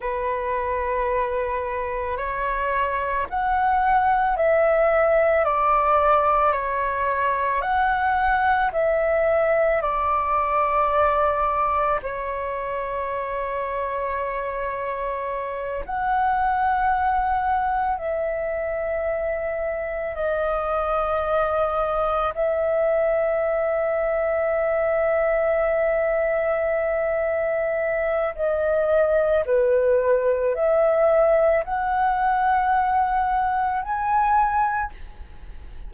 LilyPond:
\new Staff \with { instrumentName = "flute" } { \time 4/4 \tempo 4 = 55 b'2 cis''4 fis''4 | e''4 d''4 cis''4 fis''4 | e''4 d''2 cis''4~ | cis''2~ cis''8 fis''4.~ |
fis''8 e''2 dis''4.~ | dis''8 e''2.~ e''8~ | e''2 dis''4 b'4 | e''4 fis''2 gis''4 | }